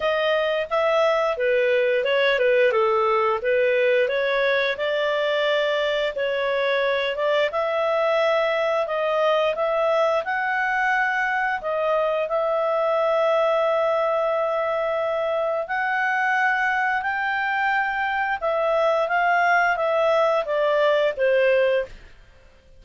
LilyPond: \new Staff \with { instrumentName = "clarinet" } { \time 4/4 \tempo 4 = 88 dis''4 e''4 b'4 cis''8 b'8 | a'4 b'4 cis''4 d''4~ | d''4 cis''4. d''8 e''4~ | e''4 dis''4 e''4 fis''4~ |
fis''4 dis''4 e''2~ | e''2. fis''4~ | fis''4 g''2 e''4 | f''4 e''4 d''4 c''4 | }